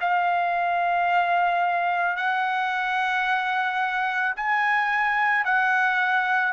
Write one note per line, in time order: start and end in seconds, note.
0.00 2.16 F5
2.16 4.34 F#5
4.36 5.44 G#5
5.44 6.53 F#5